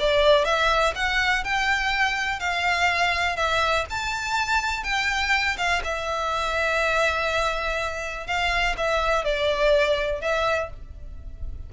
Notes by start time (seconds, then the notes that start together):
0.00 D5
0.45 E5
0.95 F#5
1.44 G5
2.40 F5
3.37 E5
3.90 A5
4.84 G5
5.58 F5
5.84 E5
8.27 F5
8.77 E5
9.25 D5
10.21 E5